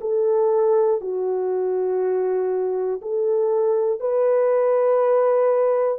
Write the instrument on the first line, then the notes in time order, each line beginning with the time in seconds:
horn
0.00 A4
1.00 F#4
3.01 A4
4.00 B4